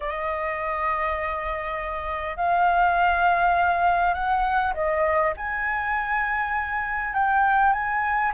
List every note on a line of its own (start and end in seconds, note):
0.00 2.37 D#5
2.37 4.14 F5
4.14 4.73 F#5
4.74 5.33 D#5
5.36 7.13 G#5
7.13 7.72 G5
7.72 8.32 G#5